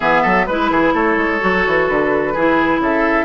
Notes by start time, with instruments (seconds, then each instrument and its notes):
0.00 bassoon E3, clarinet B3, oboe G#4, flute E5
0.22 bassoon F#3, oboe A4
0.46 bassoon G#3, clarinet E4, flute B4, oboe B4
0.70 bassoon E3, oboe G#4
0.93 bassoon A3, oboe A4, flute C#5
1.16 bassoon G#3
1.40 bassoon F#3, clarinet F#4
1.67 bassoon E3
1.87 bassoon D3, flute B4
2.33 bassoon E3, clarinet E4, oboe G#4
2.79 bassoon C#3, oboe A4, flute E5